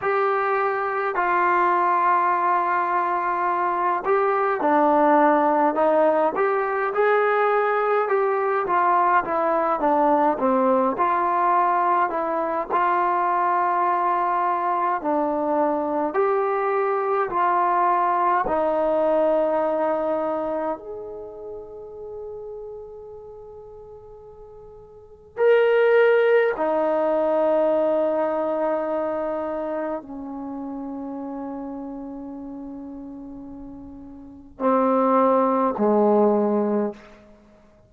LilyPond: \new Staff \with { instrumentName = "trombone" } { \time 4/4 \tempo 4 = 52 g'4 f'2~ f'8 g'8 | d'4 dis'8 g'8 gis'4 g'8 f'8 | e'8 d'8 c'8 f'4 e'8 f'4~ | f'4 d'4 g'4 f'4 |
dis'2 gis'2~ | gis'2 ais'4 dis'4~ | dis'2 cis'2~ | cis'2 c'4 gis4 | }